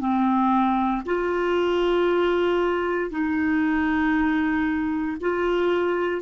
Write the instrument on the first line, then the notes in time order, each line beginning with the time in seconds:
clarinet
0.00 C4
1.06 F4
3.11 D#4
5.21 F4